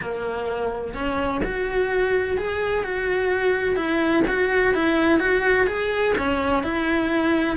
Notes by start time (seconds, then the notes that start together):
0.01 A#3
0.94 C#4
1.44 F#4
2.37 G#4
2.83 F#4
3.76 E4
4.27 F#4
4.74 E4
5.19 F#4
5.66 G#4
6.18 C#4
6.63 E4